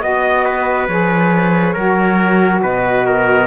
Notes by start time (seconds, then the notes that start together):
0.00 B3 F#4 D#5
0.45 B4
0.88 F3 G#4 C#5
1.73 F#3 F#4 A#4
2.63 B2 B4 D#5
3.06 A#4